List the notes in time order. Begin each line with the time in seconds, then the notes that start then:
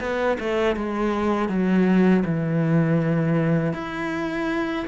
0.00 B3
0.40 A3
0.76 G#3
1.49 F#3
2.25 E3
3.73 E4